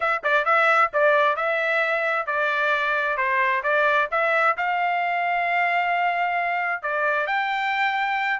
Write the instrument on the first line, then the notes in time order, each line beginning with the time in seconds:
trumpet
0.00 E5
0.23 D5
0.45 E5
0.93 D5
1.36 E5
2.26 D5
3.17 C5
3.63 D5
4.11 E5
4.57 F5
6.82 D5
7.26 G5